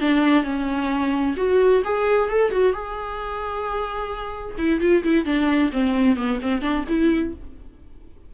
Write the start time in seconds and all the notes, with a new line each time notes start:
0.00 D4
0.43 C#4
1.37 F#4
1.84 G#4
2.29 A4
2.51 F#4
2.73 G#4
4.58 E4
4.80 F4
5.03 E4
5.25 D4
5.72 C4
6.16 B3
6.41 C4
6.61 D4
6.88 E4